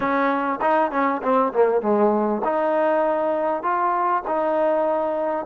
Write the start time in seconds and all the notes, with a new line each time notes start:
0.00 C#4
0.61 D#4
0.91 C#4
1.22 C4
1.53 A#3
1.81 G#3
2.44 D#4
3.62 F4
4.27 D#4